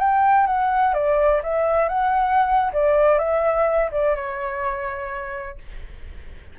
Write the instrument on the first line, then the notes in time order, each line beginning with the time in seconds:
flute
0.00 G5
0.47 F#5
0.94 D5
1.44 E5
1.89 F#5
2.73 D5
3.19 E5
3.92 D5
4.16 C#5